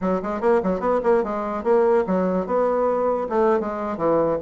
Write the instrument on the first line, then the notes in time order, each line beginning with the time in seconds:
bassoon
0.01 F#3
0.22 G#3
0.40 A#3
0.63 F#3
0.80 B3
1.03 A#3
1.23 G#3
1.63 A#3
2.06 F#3
2.46 B3
3.29 A3
3.60 G#3
3.97 E3